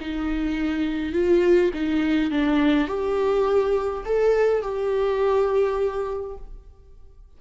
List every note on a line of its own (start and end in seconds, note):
0.00 1.13 D#4
1.13 1.71 F4
1.73 2.30 D#4
2.30 2.87 D4
2.87 4.04 G4
4.05 4.62 A4
4.62 6.36 G4